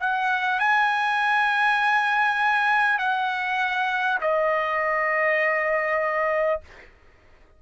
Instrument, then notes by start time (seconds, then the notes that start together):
trumpet
0.00 F#5
0.59 G#5
2.98 F#5
4.21 D#5